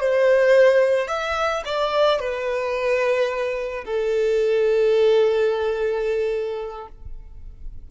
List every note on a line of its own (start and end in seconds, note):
0.00 1.08 C5
1.08 1.63 E5
1.65 2.19 D5
2.19 3.85 B4
3.85 6.88 A4